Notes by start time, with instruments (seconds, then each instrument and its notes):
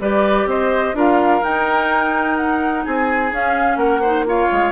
0.00 bassoon G3, clarinet G4, oboe B4, flute D5
0.45 bassoon C4, oboe C5, flute D#5
0.93 bassoon D4, clarinet F4, oboe A#4, flute F5
1.42 clarinet D#4, bassoon D#4, flute G5
2.36 flute F#5
2.84 bassoon C4, oboe G#4, flute G#5
3.31 bassoon C#4, clarinet C#4, flute F5
3.76 bassoon A#3, oboe A#4, flute F#5
4.01 clarinet D#4, oboe C5
4.26 clarinet F4, oboe C#5, flute F5
4.51 bassoon G#3